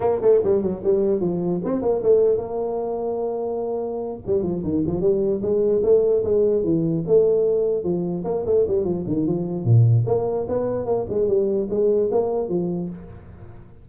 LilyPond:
\new Staff \with { instrumentName = "tuba" } { \time 4/4 \tempo 4 = 149 ais8 a8 g8 fis8 g4 f4 | c'8 ais8 a4 ais2~ | ais2~ ais8 g8 f8 dis8 | f8 g4 gis4 a4 gis8~ |
gis8 e4 a2 f8~ | f8 ais8 a8 g8 f8 dis8 f4 | ais,4 ais4 b4 ais8 gis8 | g4 gis4 ais4 f4 | }